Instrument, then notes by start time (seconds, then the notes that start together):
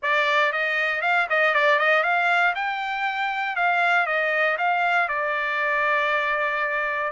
trumpet
0.02 D5
0.52 D#5
1.01 F5
1.29 D#5
1.54 D5
1.79 D#5
2.03 F5
2.55 G5
3.55 F5
4.06 D#5
4.58 F5
5.08 D5